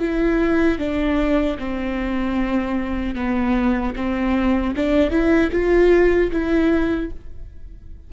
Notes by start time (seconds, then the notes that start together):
0.00 E4
0.79 D4
1.59 C4
3.15 B3
3.96 C4
4.77 D4
5.11 E4
5.52 F4
6.32 E4